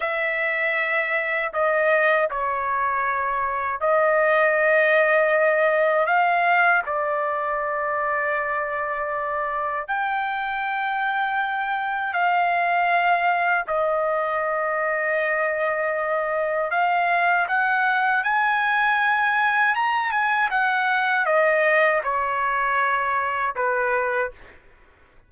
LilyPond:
\new Staff \with { instrumentName = "trumpet" } { \time 4/4 \tempo 4 = 79 e''2 dis''4 cis''4~ | cis''4 dis''2. | f''4 d''2.~ | d''4 g''2. |
f''2 dis''2~ | dis''2 f''4 fis''4 | gis''2 ais''8 gis''8 fis''4 | dis''4 cis''2 b'4 | }